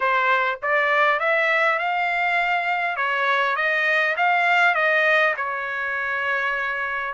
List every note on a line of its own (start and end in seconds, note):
0.00 0.59 C5
0.62 1.19 D5
1.19 1.78 E5
1.78 2.96 F5
2.96 3.56 C#5
3.56 4.15 D#5
4.17 4.74 F5
4.74 5.34 D#5
5.36 7.13 C#5